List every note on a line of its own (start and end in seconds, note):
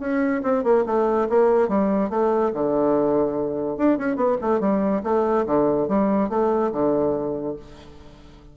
0.00 0.42 C#4
0.43 0.64 C4
0.64 0.85 A#3
0.86 1.28 A3
1.29 1.69 A#3
1.69 2.10 G3
2.10 2.52 A3
2.54 3.78 D3
3.78 3.98 D4
3.98 4.16 C#4
4.16 4.37 B3
4.42 4.60 A3
4.60 5.02 G3
5.03 5.45 A3
5.46 5.88 D3
5.89 6.30 G3
6.30 6.72 A3
6.72 7.56 D3